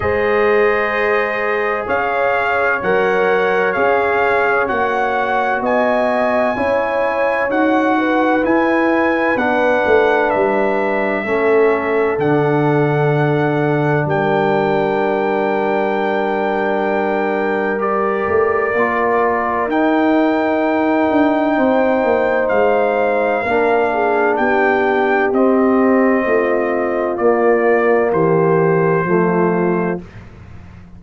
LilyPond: <<
  \new Staff \with { instrumentName = "trumpet" } { \time 4/4 \tempo 4 = 64 dis''2 f''4 fis''4 | f''4 fis''4 gis''2 | fis''4 gis''4 fis''4 e''4~ | e''4 fis''2 g''4~ |
g''2. d''4~ | d''4 g''2. | f''2 g''4 dis''4~ | dis''4 d''4 c''2 | }
  \new Staff \with { instrumentName = "horn" } { \time 4/4 c''2 cis''2~ | cis''2 dis''4 cis''4~ | cis''8 b'2.~ b'8 | a'2. ais'4~ |
ais'1~ | ais'2. c''4~ | c''4 ais'8 gis'8 g'2 | f'2 g'4 f'4 | }
  \new Staff \with { instrumentName = "trombone" } { \time 4/4 gis'2. ais'4 | gis'4 fis'2 e'4 | fis'4 e'4 d'2 | cis'4 d'2.~ |
d'2. g'4 | f'4 dis'2.~ | dis'4 d'2 c'4~ | c'4 ais2 a4 | }
  \new Staff \with { instrumentName = "tuba" } { \time 4/4 gis2 cis'4 fis4 | cis'4 ais4 b4 cis'4 | dis'4 e'4 b8 a8 g4 | a4 d2 g4~ |
g2.~ g8 a8 | ais4 dis'4. d'8 c'8 ais8 | gis4 ais4 b4 c'4 | a4 ais4 e4 f4 | }
>>